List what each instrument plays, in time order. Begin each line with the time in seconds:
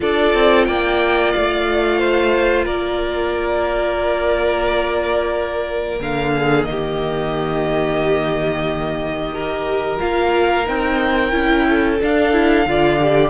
0.00 cello D4, viola F4, violin A4 D5
0.34 cello C4
0.64 cello A#3, violin D5 G5
1.30 cello A3, violin F5
1.98 violin C5
2.64 cello A#3, violin A#4 D5
6.00 cello D3, viola A#3, violin F5
6.35 violin G#4
6.64 cello D#3, violin D#5
6.70 violin G4
9.32 viola G4, violin A#4
9.98 cello A#3, viola F4, violin F5
10.65 cello C4, viola D#4, violin G5
11.31 cello C#4, viola E4
11.69 violin A4
12.00 viola D4, cello D4, violin F5
12.32 viola E4
12.66 cello D3, viola F4, violin D5
12.99 viola G4